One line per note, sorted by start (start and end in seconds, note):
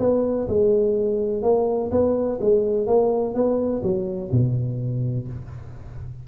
0.00 0.48 B3
0.48 1.43 G#3
1.43 1.91 A#3
1.92 2.40 B3
2.41 2.87 G#3
2.87 3.35 A#3
3.35 3.83 B3
3.83 4.31 F#3
4.32 5.28 B2